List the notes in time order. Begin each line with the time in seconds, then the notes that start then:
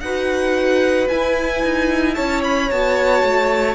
0.00 D#4 F#4 B4 F#5
1.08 E4 G#5
1.63 D#4
2.14 C#4 C#5 A5
2.43 B5
2.70 B3 F#4 A5
3.23 A3